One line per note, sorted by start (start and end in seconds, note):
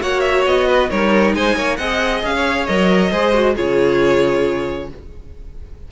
0.00 0.46 A#3
0.00 0.89 F#4
0.00 0.67 C#5
0.00 0.20 F#5
0.20 0.42 E5
0.46 0.90 B3
0.46 0.90 D#5
0.67 0.89 B4
0.89 1.34 G3
0.89 1.78 D#4
0.89 1.34 A#4
0.89 1.34 C#5
1.34 1.55 G#3
1.34 1.55 C5
1.34 1.76 G#5
1.55 1.78 A#3
1.55 1.78 C#5
1.76 2.23 C4
1.76 2.68 G#4
1.76 2.33 D#5
1.76 2.20 F#5
2.23 2.67 C#4
2.23 2.66 F5
2.35 3.11 C#5
2.66 3.11 F#3
2.66 3.11 A#4
2.66 3.55 D#5
3.11 3.56 G#3
3.11 3.33 G#4
3.11 3.55 C5
3.34 3.54 F#4
3.54 4.91 C#3
3.54 4.88 F4
3.54 4.88 G#4
3.54 4.89 C#5